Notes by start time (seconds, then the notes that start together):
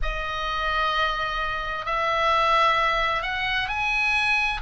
0.02 D#5
1.85 E5
3.22 F#5
3.68 G#5